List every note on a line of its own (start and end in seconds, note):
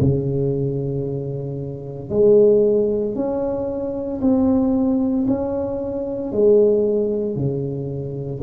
0.00 2.10 C#3
2.10 3.15 G#3
3.15 4.20 C#4
4.21 5.26 C4
5.28 6.32 C#4
6.32 7.35 G#3
7.35 8.41 C#3